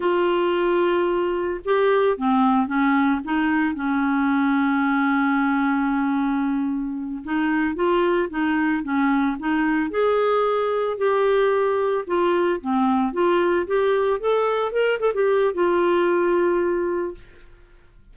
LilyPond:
\new Staff \with { instrumentName = "clarinet" } { \time 4/4 \tempo 4 = 112 f'2. g'4 | c'4 cis'4 dis'4 cis'4~ | cis'1~ | cis'4. dis'4 f'4 dis'8~ |
dis'8 cis'4 dis'4 gis'4.~ | gis'8 g'2 f'4 c'8~ | c'8 f'4 g'4 a'4 ais'8 | a'16 g'8. f'2. | }